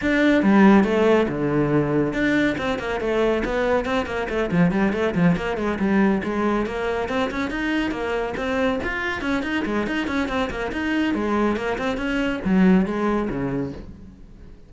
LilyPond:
\new Staff \with { instrumentName = "cello" } { \time 4/4 \tempo 4 = 140 d'4 g4 a4 d4~ | d4 d'4 c'8 ais8 a4 | b4 c'8 ais8 a8 f8 g8 a8 | f8 ais8 gis8 g4 gis4 ais8~ |
ais8 c'8 cis'8 dis'4 ais4 c'8~ | c'8 f'4 cis'8 dis'8 gis8 dis'8 cis'8 | c'8 ais8 dis'4 gis4 ais8 c'8 | cis'4 fis4 gis4 cis4 | }